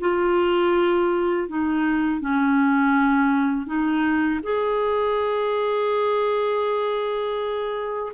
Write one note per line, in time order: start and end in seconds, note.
0.00 1.48 F4
1.48 2.20 D#4
2.20 3.66 C#4
3.66 4.40 D#4
4.42 8.13 G#4